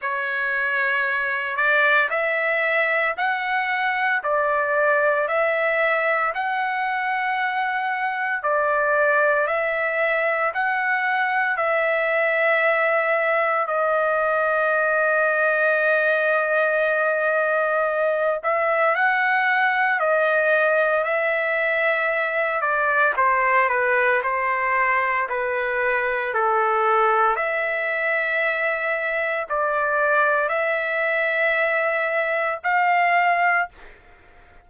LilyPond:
\new Staff \with { instrumentName = "trumpet" } { \time 4/4 \tempo 4 = 57 cis''4. d''8 e''4 fis''4 | d''4 e''4 fis''2 | d''4 e''4 fis''4 e''4~ | e''4 dis''2.~ |
dis''4. e''8 fis''4 dis''4 | e''4. d''8 c''8 b'8 c''4 | b'4 a'4 e''2 | d''4 e''2 f''4 | }